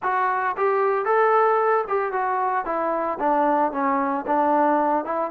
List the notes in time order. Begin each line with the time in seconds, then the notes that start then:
0.03 F#4
0.56 G4
1.05 A4
1.88 G4
2.12 F#4
2.65 E4
3.19 D4
3.72 C#4
4.26 D4
5.04 E4